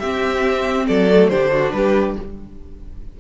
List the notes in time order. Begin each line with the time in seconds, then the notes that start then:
0.00 C4 G4 E5
0.88 F#3 A4 D5
1.11 A3
1.29 D3 D4 G4 C5
1.53 F#4
1.73 G3 G4 B4